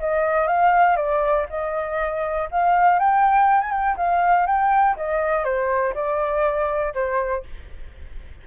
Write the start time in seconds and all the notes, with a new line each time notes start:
0.00 D#5
0.48 F5
0.97 D5
1.50 D#5
2.52 F5
3.00 G5
3.61 G#5
3.72 G5
3.97 F5
4.47 G5
4.97 D#5
5.45 C5
5.95 D5
6.94 C5